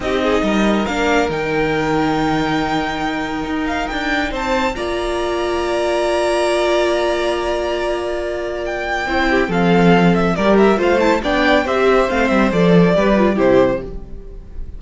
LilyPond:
<<
  \new Staff \with { instrumentName = "violin" } { \time 4/4 \tempo 4 = 139 dis''2 f''4 g''4~ | g''1~ | g''8 f''8 g''4 a''4 ais''4~ | ais''1~ |
ais''1 | g''2 f''4. e''8 | d''8 e''8 f''8 a''8 g''4 e''4 | f''8 e''8 d''2 c''4 | }
  \new Staff \with { instrumentName = "violin" } { \time 4/4 g'8 gis'8 ais'2.~ | ais'1~ | ais'2 c''4 d''4~ | d''1~ |
d''1~ | d''4 c''8 g'8 a'2 | ais'4 c''4 d''4 c''4~ | c''2 b'4 g'4 | }
  \new Staff \with { instrumentName = "viola" } { \time 4/4 dis'2 d'4 dis'4~ | dis'1~ | dis'2. f'4~ | f'1~ |
f'1~ | f'4 e'4 c'2 | g'4 f'8 e'8 d'4 g'4 | c'4 a'4 g'8 f'8 e'4 | }
  \new Staff \with { instrumentName = "cello" } { \time 4/4 c'4 g4 ais4 dis4~ | dis1 | dis'4 d'4 c'4 ais4~ | ais1~ |
ais1~ | ais4 c'4 f2 | g4 a4 b4 c'4 | a8 g8 f4 g4 c4 | }
>>